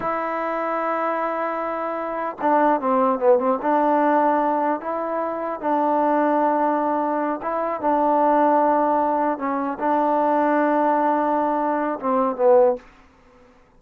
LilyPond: \new Staff \with { instrumentName = "trombone" } { \time 4/4 \tempo 4 = 150 e'1~ | e'2 d'4 c'4 | b8 c'8 d'2. | e'2 d'2~ |
d'2~ d'8 e'4 d'8~ | d'2.~ d'8 cis'8~ | cis'8 d'2.~ d'8~ | d'2 c'4 b4 | }